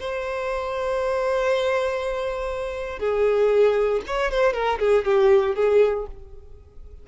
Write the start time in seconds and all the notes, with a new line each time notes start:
0.00 C5
3.00 G#4
4.07 C#5
4.32 C5
4.54 A#4
4.80 G#4
5.05 G4
5.56 G#4